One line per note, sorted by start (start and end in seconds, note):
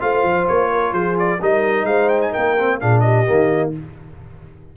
0.00 0.23 A3
0.00 1.40 F4
0.00 0.71 C5
0.00 0.47 F5
0.23 0.47 F3
0.47 0.92 A#3
0.47 0.93 C#5
0.72 0.92 A#4
0.92 1.39 F3
0.92 1.39 G#4
0.92 1.16 C5
1.19 1.42 D5
1.40 1.84 G3
1.40 2.58 D#4
1.40 1.87 A#4
1.40 1.85 D#5
1.84 2.30 G#3
1.84 2.31 C5
1.84 2.09 F5
2.09 2.20 G5
2.21 2.33 G#5
2.31 2.82 A#3
2.31 2.78 A#4
2.31 2.80 G5
2.59 2.80 C4
2.80 3.28 A#2
2.80 3.26 D4
2.80 3.03 G#4
2.80 3.00 F5
3.00 3.73 G4
3.00 3.70 D#5
3.26 3.77 D#3
3.26 3.73 A#3